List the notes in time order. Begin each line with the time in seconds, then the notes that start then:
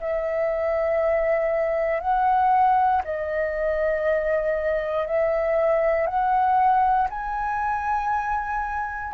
0.00 E5
2.00 F#5
3.04 D#5
5.07 E5
6.06 F#5
7.10 G#5